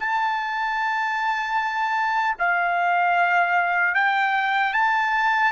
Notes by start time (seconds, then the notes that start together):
0.00 A5
2.39 F5
3.95 G5
4.74 A5